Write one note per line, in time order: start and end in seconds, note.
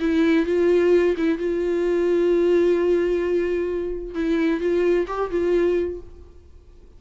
0.00 0.46 E4
0.46 1.15 F4
1.17 1.38 E4
1.38 4.15 F4
4.15 4.60 E4
4.60 5.06 F4
5.07 5.31 G4
5.31 6.00 F4